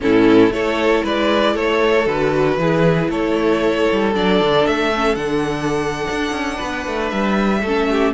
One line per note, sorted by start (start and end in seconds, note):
0.00 0.49 A2
0.00 0.50 C#4
0.00 0.53 E4
0.00 0.52 A4
0.49 1.01 A3
0.49 2.05 E4
0.49 1.03 A4
0.49 1.04 C#5
1.03 1.55 G#3
1.03 1.54 B4
1.03 1.55 D5
1.54 2.06 A3
1.54 2.57 A4
1.54 2.06 C#5
2.06 2.57 D3
2.06 2.58 F#4
2.06 3.10 B4
2.57 3.08 E3
2.57 4.14 E4
2.57 3.10 G#4
3.09 3.87 A3
3.09 6.56 A4
3.09 4.14 C#5
3.92 4.15 G3
4.14 4.40 F#3
4.14 4.92 D4
4.14 4.66 D5
4.40 4.66 D3
4.66 5.15 A3
4.66 5.15 E5
4.95 5.16 C#4
5.15 6.06 D3
5.15 7.62 D4
5.15 7.09 F#5
6.10 6.31 D4
6.31 6.57 C#4
6.56 6.87 B3
6.56 7.60 B4
6.87 7.11 A3
7.09 7.62 G3
7.09 8.13 E5
7.62 8.14 A3
7.62 8.14 C#4
7.62 7.87 A4
7.91 8.14 G4